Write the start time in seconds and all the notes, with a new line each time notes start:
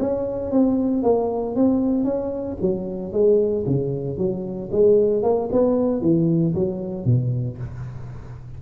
0.00 C#4
0.52 C4
1.03 A#3
1.56 C4
2.05 C#4
2.61 F#3
3.12 G#3
3.66 C#3
4.18 F#3
4.72 G#3
5.23 A#3
5.52 B3
6.01 E3
6.55 F#3
7.05 B2